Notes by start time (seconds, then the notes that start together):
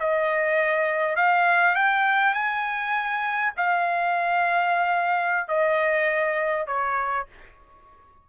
0.00 D#5
1.16 F5
1.76 G5
2.34 G#5
3.57 F5
5.48 D#5
6.68 C#5